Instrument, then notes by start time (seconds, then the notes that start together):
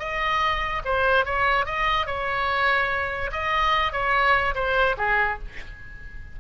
oboe
0.00 D#5
0.85 C5
1.26 C#5
1.66 D#5
2.07 C#5
3.33 D#5
3.93 C#5
4.55 C5
4.98 G#4